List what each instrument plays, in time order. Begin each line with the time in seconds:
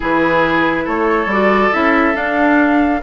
0.00 bassoon E3, clarinet E4, oboe G#4, flute B4
0.84 bassoon A3, oboe A4, flute C#5
1.25 bassoon G3, clarinet F#4, flute D5
1.72 bassoon C#4, clarinet E4, flute E5
2.13 clarinet D4, bassoon D4, flute F5